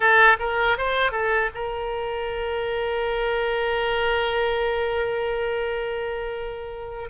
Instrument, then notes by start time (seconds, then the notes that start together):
oboe
0.00 A4
0.39 A#4
0.77 C5
1.11 A4
1.54 A#4